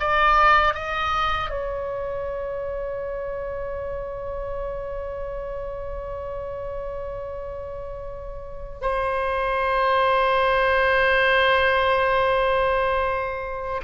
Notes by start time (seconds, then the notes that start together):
0.00 D5
0.74 D#5
1.50 C#5
8.81 C5